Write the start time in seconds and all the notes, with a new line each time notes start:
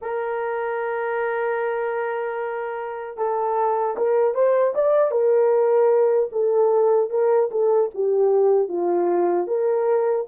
0.01 A#4
3.17 A4
3.97 A#4
4.34 C5
4.74 D5
5.11 A#4
6.32 A4
7.09 A#4
7.51 A4
7.94 G4
8.68 F4
9.47 A#4